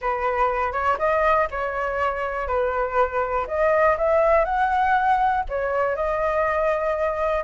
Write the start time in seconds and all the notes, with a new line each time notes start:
0.01 B4
0.72 C#5
0.98 D#5
1.50 C#5
2.47 B4
3.47 D#5
3.97 E5
4.44 F#5
5.49 C#5
5.95 D#5